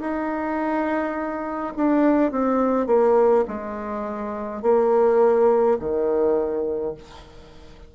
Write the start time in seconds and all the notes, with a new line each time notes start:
0.00 D#4
1.76 D4
2.31 C4
2.86 A#3
3.47 G#3
4.62 A#3
5.79 D#3